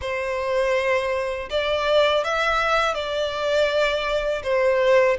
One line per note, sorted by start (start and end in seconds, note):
0.01 1.49 C5
1.49 2.24 D5
2.24 2.94 E5
2.94 4.42 D5
4.43 5.17 C5